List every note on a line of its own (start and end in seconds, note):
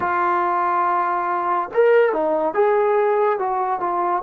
0.00 1.69 F4
1.74 2.12 A#4
2.12 2.54 D#4
2.54 3.38 G#4
3.38 3.80 F#4
3.80 4.22 F4